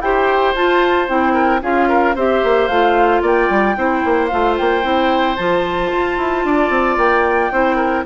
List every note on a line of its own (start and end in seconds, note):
0.00 0.54 E4
0.00 0.56 G4
0.00 1.33 C5
0.00 0.55 G5
0.55 1.09 F4
0.55 1.07 F4
0.55 1.09 A5
1.07 1.62 C4
1.07 1.61 E4
1.07 1.63 G5
1.33 1.60 A#4
1.62 2.15 C#4
1.62 2.15 F4
1.62 1.88 G#4
1.62 2.16 F5
1.88 2.15 A#4
2.15 2.42 C4
2.15 2.70 G4
2.15 3.22 C5
2.15 2.68 E5
2.44 2.69 A#3
2.68 3.22 A3
2.68 3.76 F4
2.68 3.21 F5
3.22 3.49 A#3
3.22 3.76 D5
3.22 4.27 G5
3.50 3.77 G3
3.76 4.04 C4
3.76 4.30 E4
3.76 6.46 C5
4.05 4.32 A#3
4.27 4.59 A3
4.27 4.82 F4
4.27 4.54 F5
4.58 4.84 A#3
4.58 5.36 G5
4.82 5.37 C4
4.82 5.36 E4
5.36 5.92 F3
5.36 7.52 F4
5.36 6.97 A5
5.92 6.18 F4
6.18 6.44 E4
6.44 6.70 D4
6.44 7.52 D5
6.70 6.96 C4
6.97 7.51 A#3
6.97 8.05 G5
7.52 8.05 C4
7.52 8.05 E4
7.52 7.76 C5
7.76 8.03 A#4